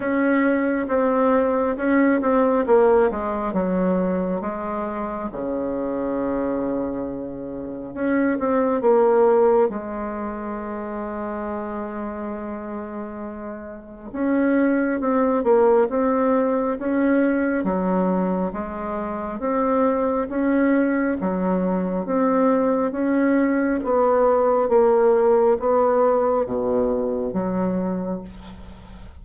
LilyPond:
\new Staff \with { instrumentName = "bassoon" } { \time 4/4 \tempo 4 = 68 cis'4 c'4 cis'8 c'8 ais8 gis8 | fis4 gis4 cis2~ | cis4 cis'8 c'8 ais4 gis4~ | gis1 |
cis'4 c'8 ais8 c'4 cis'4 | fis4 gis4 c'4 cis'4 | fis4 c'4 cis'4 b4 | ais4 b4 b,4 fis4 | }